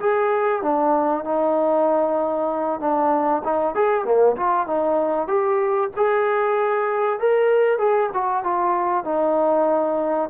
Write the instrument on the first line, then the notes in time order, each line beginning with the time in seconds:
trombone
0.00 G#4
0.62 D4
1.25 D#4
2.80 D4
3.44 D#4
3.75 G#4
4.05 A#3
4.37 F4
4.67 D#4
5.28 G4
5.97 G#4
7.20 A#4
7.79 G#4
8.14 F#4
8.44 F4
9.05 D#4